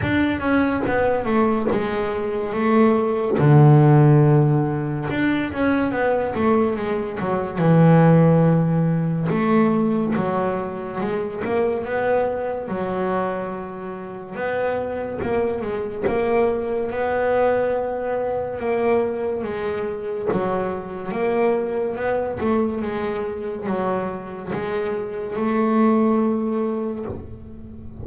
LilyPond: \new Staff \with { instrumentName = "double bass" } { \time 4/4 \tempo 4 = 71 d'8 cis'8 b8 a8 gis4 a4 | d2 d'8 cis'8 b8 a8 | gis8 fis8 e2 a4 | fis4 gis8 ais8 b4 fis4~ |
fis4 b4 ais8 gis8 ais4 | b2 ais4 gis4 | fis4 ais4 b8 a8 gis4 | fis4 gis4 a2 | }